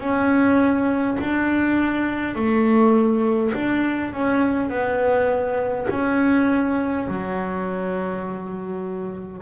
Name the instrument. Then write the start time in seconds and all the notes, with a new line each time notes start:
double bass
0.00 C#4
1.20 D4
2.35 A3
3.54 D4
4.13 C#4
4.69 B3
5.90 C#4
7.07 F#3